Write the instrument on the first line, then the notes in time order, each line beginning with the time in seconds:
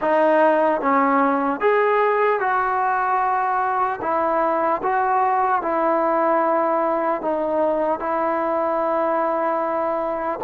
trombone
0.01 D#4
0.81 C#4
1.60 G#4
2.40 F#4
4.01 E4
4.83 F#4
5.61 E4
7.21 D#4
7.99 E4